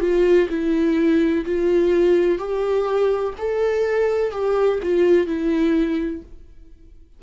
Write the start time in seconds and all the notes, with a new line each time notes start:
0.00 F4
0.49 E4
1.45 F4
2.38 G4
3.38 A4
4.31 G4
4.83 F4
5.26 E4